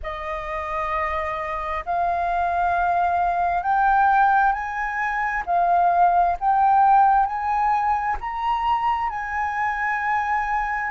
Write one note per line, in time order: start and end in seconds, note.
0.02 1.84 D#5
1.85 3.62 F5
3.62 4.52 G5
4.52 5.43 G#5
5.45 6.36 F5
6.40 7.26 G5
7.26 8.17 G#5
8.20 9.09 A#5
9.09 10.91 G#5